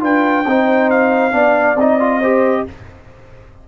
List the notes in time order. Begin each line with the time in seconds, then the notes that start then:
0.00 D4 F4 B4 G5
0.46 C4 D#4 C5
0.90 F5
1.32 B3 D4 D5
1.75 C4 D#4 D#5
2.00 F4
2.20 G4 C5